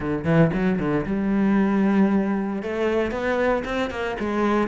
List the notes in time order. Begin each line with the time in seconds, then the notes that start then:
0.00 D3
0.24 E3
0.53 F#3
0.79 D3
1.06 G3
2.62 A3
3.11 B3
3.64 C4
3.90 A#3
4.19 G#3